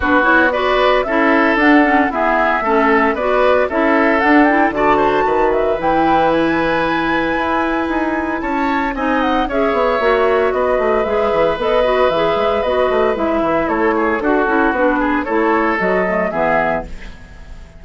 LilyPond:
<<
  \new Staff \with { instrumentName = "flute" } { \time 4/4 \tempo 4 = 114 b'8 cis''8 d''4 e''4 fis''4 | e''2 d''4 e''4 | fis''8 g''8 a''4. e''8 g''4 | gis''1 |
a''4 gis''8 fis''8 e''2 | dis''4 e''4 dis''4 e''4 | dis''4 e''4 cis''4 a'4 | b'4 cis''4 dis''4 e''4 | }
  \new Staff \with { instrumentName = "oboe" } { \time 4/4 fis'4 b'4 a'2 | gis'4 a'4 b'4 a'4~ | a'4 d''8 c''8 b'2~ | b'1 |
cis''4 dis''4 cis''2 | b'1~ | b'2 a'8 gis'8 fis'4~ | fis'8 gis'8 a'2 gis'4 | }
  \new Staff \with { instrumentName = "clarinet" } { \time 4/4 d'8 e'8 fis'4 e'4 d'8 cis'8 | b4 cis'4 fis'4 e'4 | d'8 e'8 fis'2 e'4~ | e'1~ |
e'4 dis'4 gis'4 fis'4~ | fis'4 gis'4 a'8 fis'8 gis'4 | fis'4 e'2 fis'8 e'8 | d'4 e'4 fis'8 a8 b4 | }
  \new Staff \with { instrumentName = "bassoon" } { \time 4/4 b2 cis'4 d'4 | e'4 a4 b4 cis'4 | d'4 d4 dis4 e4~ | e2 e'4 dis'4 |
cis'4 c'4 cis'8 b8 ais4 | b8 a8 gis8 e8 b4 e8 gis8 | b8 a8 gis8 e8 a4 d'8 cis'8 | b4 a4 fis4 e4 | }
>>